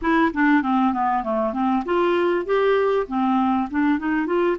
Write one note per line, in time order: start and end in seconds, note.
0.01 0.32 E4
0.33 0.62 D4
0.62 0.93 C4
0.93 1.23 B3
1.23 1.53 A3
1.53 1.83 C4
1.85 2.45 F4
2.45 3.06 G4
3.07 3.68 C4
3.70 3.98 D4
3.98 4.26 D#4
4.26 4.56 F4